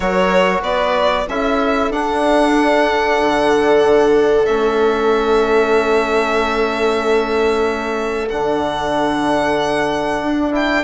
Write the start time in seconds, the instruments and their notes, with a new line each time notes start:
0.00 bassoon F#3, trombone F#4, viola A#4, violin C#5
0.62 bassoon B3, viola B4, violin D5
1.28 bassoon C#4, trombone E4, viola A4, violin E5
1.90 bassoon D4, trombone D4, violin F#5
3.20 bassoon D3
4.45 bassoon A3, trombone C#4, violin E5
8.28 bassoon D3, trombone D4, violin F#5
10.21 bassoon D4
10.51 trombone E4, violin G5